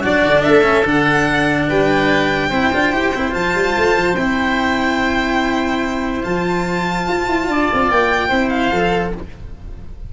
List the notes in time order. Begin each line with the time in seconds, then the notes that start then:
0.00 F#3 D4 F#4 D5
0.25 D3
0.43 A3 A4 E5
0.63 C#4
0.85 D3 D4 F#5
1.68 G3 B4 G5
2.49 C4 E4 C5
2.73 D4 F4
2.92 E4 G4
3.15 C4 E4
3.31 F3 F4 A5
3.55 G3
3.77 A3
3.96 F3
4.16 C4 E4 G5
6.23 F3 F4 A5
7.08 F4
7.27 E4
7.48 D4 D5
7.73 C4
7.90 A#3 G5
8.28 C4 E4 C5
8.50 F5
8.71 F3 A4